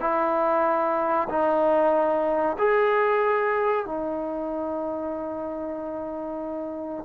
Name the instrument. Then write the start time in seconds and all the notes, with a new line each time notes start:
trombone
0.00 E4
1.29 D#4
2.58 G#4
3.85 D#4